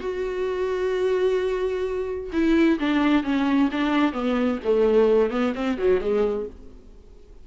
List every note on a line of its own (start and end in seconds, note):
0.00 2.31 F#4
2.32 2.78 E4
2.79 3.23 D4
3.23 3.69 C#4
3.71 4.12 D4
4.12 4.58 B3
4.64 5.30 A3
5.30 5.53 B3
5.55 5.78 C4
5.78 6.00 F#3
6.00 6.46 G#3